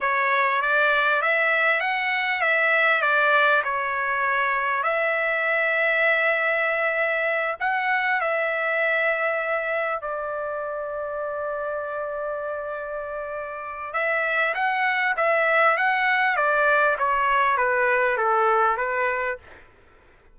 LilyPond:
\new Staff \with { instrumentName = "trumpet" } { \time 4/4 \tempo 4 = 99 cis''4 d''4 e''4 fis''4 | e''4 d''4 cis''2 | e''1~ | e''8 fis''4 e''2~ e''8~ |
e''8 d''2.~ d''8~ | d''2. e''4 | fis''4 e''4 fis''4 d''4 | cis''4 b'4 a'4 b'4 | }